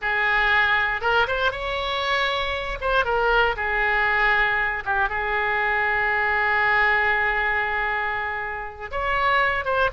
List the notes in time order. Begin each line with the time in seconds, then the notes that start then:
0.01 G#4
1.01 A#4
1.27 C5
1.51 C#5
2.80 C5
3.04 A#4
3.56 G#4
4.85 G4
5.09 G#4
8.91 C#5
9.64 C5